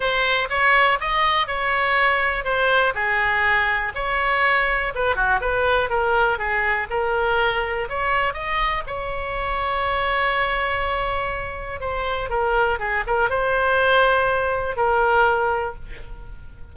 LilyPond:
\new Staff \with { instrumentName = "oboe" } { \time 4/4 \tempo 4 = 122 c''4 cis''4 dis''4 cis''4~ | cis''4 c''4 gis'2 | cis''2 b'8 fis'8 b'4 | ais'4 gis'4 ais'2 |
cis''4 dis''4 cis''2~ | cis''1 | c''4 ais'4 gis'8 ais'8 c''4~ | c''2 ais'2 | }